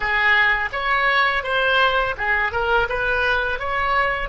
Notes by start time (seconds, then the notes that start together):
0.00 G#4
0.72 C#5
1.43 C5
2.17 G#4
2.52 A#4
2.89 B4
3.59 C#5